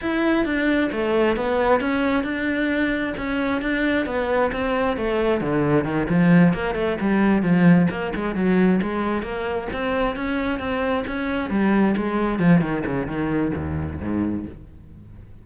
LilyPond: \new Staff \with { instrumentName = "cello" } { \time 4/4 \tempo 4 = 133 e'4 d'4 a4 b4 | cis'4 d'2 cis'4 | d'4 b4 c'4 a4 | d4 dis8 f4 ais8 a8 g8~ |
g8 f4 ais8 gis8 fis4 gis8~ | gis8 ais4 c'4 cis'4 c'8~ | c'8 cis'4 g4 gis4 f8 | dis8 cis8 dis4 dis,4 gis,4 | }